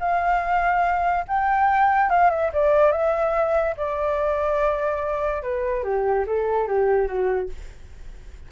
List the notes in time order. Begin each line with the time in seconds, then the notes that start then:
0.00 F5
1.28 G5
2.10 F5
2.30 E5
2.53 D5
2.92 E5
3.77 D5
5.43 B4
5.84 G4
6.27 A4
6.67 G4
7.07 F#4